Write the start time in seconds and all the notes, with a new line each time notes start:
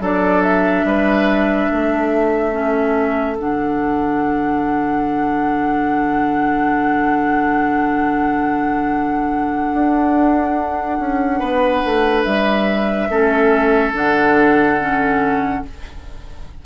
0.00 F#3 D4 A4 D5
0.41 E5
0.84 G3 B4
1.71 A3 A4
2.52 C#4
3.38 D3 D4 F#5
9.73 D4
10.99 C#4
11.39 B3 B4
11.85 A3
12.23 G3 E5
13.08 A3 C#4 A4
13.92 D3 D4 F#5
14.80 C#4